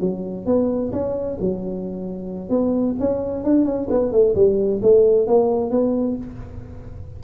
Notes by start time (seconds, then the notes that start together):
0.00 F#3
0.46 B3
0.92 C#4
1.40 F#3
2.49 B3
2.99 C#4
3.44 D4
3.65 C#4
3.90 B3
4.12 A3
4.35 G3
4.82 A3
5.27 A#3
5.71 B3